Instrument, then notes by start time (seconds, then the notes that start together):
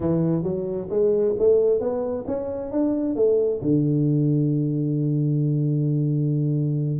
tuba
0.00 E3
0.43 F#3
0.89 G#3
1.38 A3
1.79 B3
2.27 C#4
2.71 D4
3.15 A3
3.61 D3